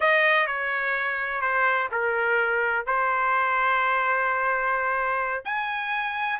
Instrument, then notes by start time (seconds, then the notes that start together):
trumpet
0.00 D#5
0.46 C#5
1.41 C5
1.91 A#4
2.85 C5
5.44 G#5